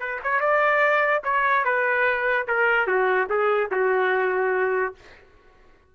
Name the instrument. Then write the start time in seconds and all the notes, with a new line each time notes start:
trumpet
0.00 B4
0.24 C#5
0.41 D5
1.24 C#5
1.65 B4
2.48 A#4
2.87 F#4
3.30 G#4
3.72 F#4